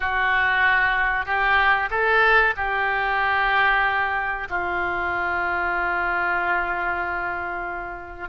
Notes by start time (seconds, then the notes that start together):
0.00 F#4
1.25 G4
1.90 A4
2.56 G4
4.49 F4